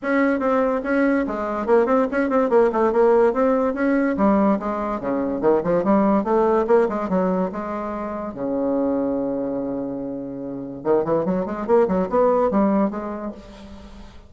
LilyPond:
\new Staff \with { instrumentName = "bassoon" } { \time 4/4 \tempo 4 = 144 cis'4 c'4 cis'4 gis4 | ais8 c'8 cis'8 c'8 ais8 a8 ais4 | c'4 cis'4 g4 gis4 | cis4 dis8 f8 g4 a4 |
ais8 gis8 fis4 gis2 | cis1~ | cis2 dis8 e8 fis8 gis8 | ais8 fis8 b4 g4 gis4 | }